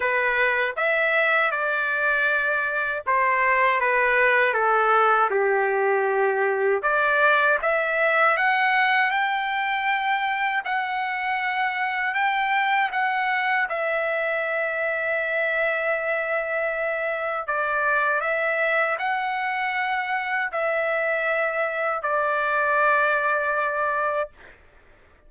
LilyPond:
\new Staff \with { instrumentName = "trumpet" } { \time 4/4 \tempo 4 = 79 b'4 e''4 d''2 | c''4 b'4 a'4 g'4~ | g'4 d''4 e''4 fis''4 | g''2 fis''2 |
g''4 fis''4 e''2~ | e''2. d''4 | e''4 fis''2 e''4~ | e''4 d''2. | }